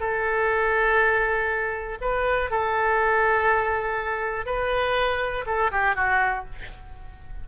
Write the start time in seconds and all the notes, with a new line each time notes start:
0.00 A4
2.02 B4
2.51 A4
4.46 B4
5.46 A4
5.72 G4
5.96 F#4